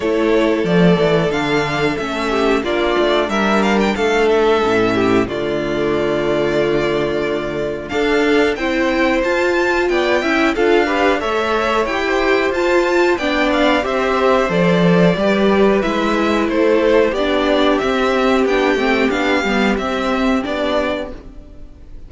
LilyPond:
<<
  \new Staff \with { instrumentName = "violin" } { \time 4/4 \tempo 4 = 91 cis''4 d''4 f''4 e''4 | d''4 e''8 f''16 g''16 f''8 e''4. | d''1 | f''4 g''4 a''4 g''4 |
f''4 e''4 g''4 a''4 | g''8 f''8 e''4 d''2 | e''4 c''4 d''4 e''4 | g''4 f''4 e''4 d''4 | }
  \new Staff \with { instrumentName = "violin" } { \time 4/4 a'2.~ a'8 g'8 | f'4 ais'4 a'4. g'8 | f'1 | a'4 c''2 d''8 e''8 |
a'8 b'8 cis''4~ cis''16 c''4.~ c''16 | d''4 c''2 b'4~ | b'4 a'4 g'2~ | g'1 | }
  \new Staff \with { instrumentName = "viola" } { \time 4/4 e'4 a4 d'4 cis'4 | d'2. cis'4 | a1 | d'4 e'4 f'4. e'8 |
f'8 g'8 a'4 g'4 f'4 | d'4 g'4 a'4 g'4 | e'2 d'4 c'4 | d'8 c'8 d'8 b8 c'4 d'4 | }
  \new Staff \with { instrumentName = "cello" } { \time 4/4 a4 f8 e8 d4 a4 | ais8 a8 g4 a4 a,4 | d1 | d'4 c'4 f'4 b8 cis'8 |
d'4 a4 e'4 f'4 | b4 c'4 f4 g4 | gis4 a4 b4 c'4 | b8 a8 b8 g8 c'4 b4 | }
>>